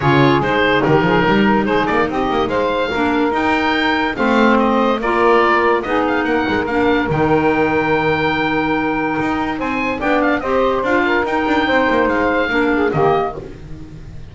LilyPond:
<<
  \new Staff \with { instrumentName = "oboe" } { \time 4/4 \tempo 4 = 144 cis''4 c''4 ais'2 | c''8 d''8 dis''4 f''2 | g''2 f''4 dis''4 | d''2 dis''8 f''8 fis''4 |
f''4 g''2.~ | g''2. gis''4 | g''8 f''8 dis''4 f''4 g''4~ | g''4 f''2 dis''4 | }
  \new Staff \with { instrumentName = "saxophone" } { \time 4/4 gis'2 g'8 gis'8 ais'4 | gis'4 g'4 c''4 ais'4~ | ais'2 c''2 | ais'2 gis'4 ais'4~ |
ais'1~ | ais'2. c''4 | d''4 c''4. ais'4. | c''2 ais'8 gis'8 g'4 | }
  \new Staff \with { instrumentName = "clarinet" } { \time 4/4 f'4 dis'2.~ | dis'2. d'4 | dis'2 c'2 | f'2 dis'2 |
d'4 dis'2.~ | dis'1 | d'4 g'4 f'4 dis'4~ | dis'2 d'4 ais4 | }
  \new Staff \with { instrumentName = "double bass" } { \time 4/4 cis4 gis4 dis8 f8 g4 | gis8 ais8 c'8 ais8 gis4 ais4 | dis'2 a2 | ais2 b4 ais8 gis8 |
ais4 dis2.~ | dis2 dis'4 c'4 | b4 c'4 d'4 dis'8 d'8 | c'8 ais8 gis4 ais4 dis4 | }
>>